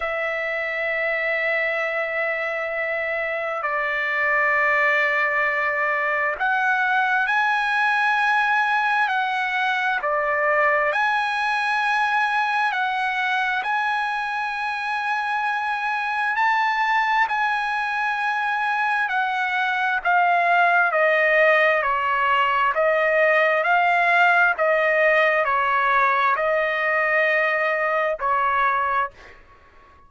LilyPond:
\new Staff \with { instrumentName = "trumpet" } { \time 4/4 \tempo 4 = 66 e''1 | d''2. fis''4 | gis''2 fis''4 d''4 | gis''2 fis''4 gis''4~ |
gis''2 a''4 gis''4~ | gis''4 fis''4 f''4 dis''4 | cis''4 dis''4 f''4 dis''4 | cis''4 dis''2 cis''4 | }